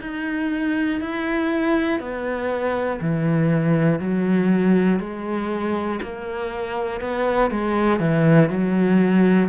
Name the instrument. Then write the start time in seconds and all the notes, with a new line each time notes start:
cello
0.00 D#4
1.00 E4
2.00 B3
3.00 E3
4.00 F#3
5.00 G#3
6.02 A#3
7.00 B3
7.50 G#3
8.00 E3
8.49 F#3